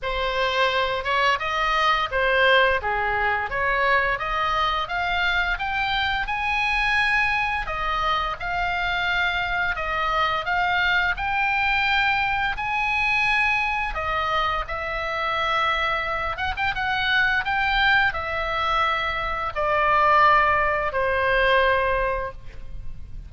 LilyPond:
\new Staff \with { instrumentName = "oboe" } { \time 4/4 \tempo 4 = 86 c''4. cis''8 dis''4 c''4 | gis'4 cis''4 dis''4 f''4 | g''4 gis''2 dis''4 | f''2 dis''4 f''4 |
g''2 gis''2 | dis''4 e''2~ e''8 fis''16 g''16 | fis''4 g''4 e''2 | d''2 c''2 | }